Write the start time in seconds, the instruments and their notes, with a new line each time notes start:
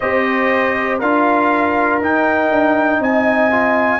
0.00 tuba C4, trombone G4, horn C5, trumpet D#5
0.98 tuba D4, trombone F4, horn A#4, trumpet F5
2.00 tuba D#4, trombone D#4, trumpet G5
2.50 tuba D4
2.99 tuba C4, horn D#5, trumpet G#5
3.51 trombone F4